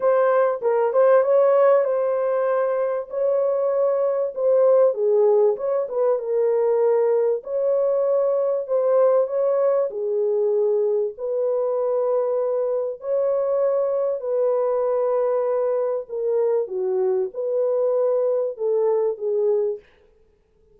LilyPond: \new Staff \with { instrumentName = "horn" } { \time 4/4 \tempo 4 = 97 c''4 ais'8 c''8 cis''4 c''4~ | c''4 cis''2 c''4 | gis'4 cis''8 b'8 ais'2 | cis''2 c''4 cis''4 |
gis'2 b'2~ | b'4 cis''2 b'4~ | b'2 ais'4 fis'4 | b'2 a'4 gis'4 | }